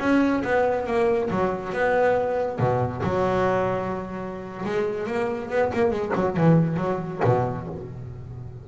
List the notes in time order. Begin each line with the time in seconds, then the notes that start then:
0.00 C#4
0.44 B3
0.87 A#3
1.31 F#3
1.73 B3
2.60 B2
3.04 F#3
4.66 G#3
5.07 A#3
5.50 B3
5.74 A#3
5.91 G#3
6.15 F#3
6.37 E3
6.77 F#3
7.25 B2